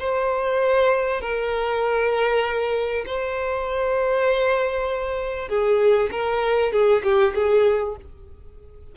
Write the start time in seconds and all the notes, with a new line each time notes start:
0.00 C5
1.22 A#4
3.06 C5
5.49 G#4
6.12 A#4
6.73 G#4
7.04 G4
7.35 G#4